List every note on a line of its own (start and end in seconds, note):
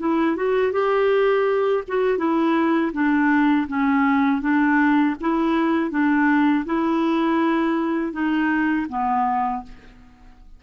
0.00 0.37 E4
0.37 0.73 F#4
0.73 1.84 G4
1.88 2.18 F#4
2.18 2.92 E4
2.94 3.68 D4
3.68 4.42 C#4
4.42 5.16 D4
5.21 5.91 E4
5.91 6.65 D4
6.66 8.13 E4
8.13 8.87 D#4
8.90 9.64 B3